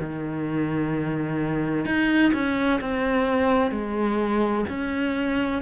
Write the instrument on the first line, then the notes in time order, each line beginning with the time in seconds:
cello
0.00 D#3
1.86 D#4
2.34 C#4
2.81 C4
3.72 G#3
4.70 C#4